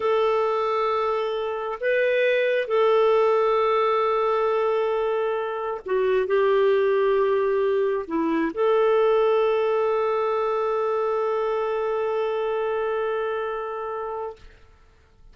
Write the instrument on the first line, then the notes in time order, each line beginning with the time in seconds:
clarinet
0.00 A4
1.80 B4
2.67 A4
5.85 F#4
6.26 G4
8.07 E4
8.54 A4